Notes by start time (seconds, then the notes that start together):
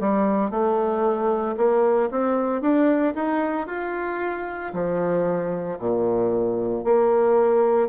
0.00 G3
0.51 A3
1.57 A#3
2.11 C4
2.62 D4
3.15 D#4
3.67 F4
4.74 F3
5.79 A#2
6.85 A#3